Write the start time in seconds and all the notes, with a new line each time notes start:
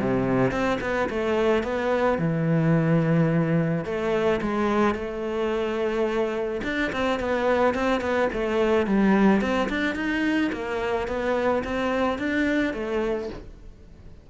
0.00 C3
0.51 C4
0.81 B3
1.09 A3
1.63 B3
2.18 E3
3.85 A3
4.41 G#3
4.94 A3
6.63 D4
6.92 C4
7.19 B3
7.74 C4
8.01 B3
8.33 A3
8.86 G3
9.41 C4
9.69 D4
9.95 D#4
10.52 A#3
11.08 B3
11.64 C4
12.18 D4
12.73 A3